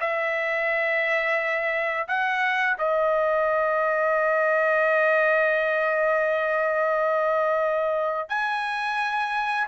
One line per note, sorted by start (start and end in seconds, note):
0.00 2.07 E5
2.08 2.77 F#5
2.78 8.29 D#5
8.29 9.67 G#5